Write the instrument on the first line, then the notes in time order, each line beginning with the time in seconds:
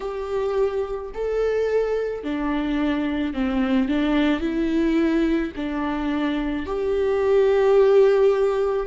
viola
0.00 G4
1.14 A4
2.23 D4
3.33 C4
3.88 D4
4.40 E4
5.56 D4
6.66 G4